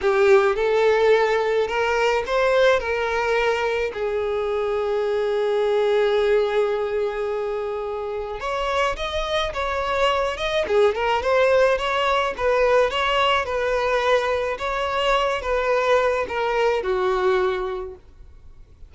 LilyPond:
\new Staff \with { instrumentName = "violin" } { \time 4/4 \tempo 4 = 107 g'4 a'2 ais'4 | c''4 ais'2 gis'4~ | gis'1~ | gis'2. cis''4 |
dis''4 cis''4. dis''8 gis'8 ais'8 | c''4 cis''4 b'4 cis''4 | b'2 cis''4. b'8~ | b'4 ais'4 fis'2 | }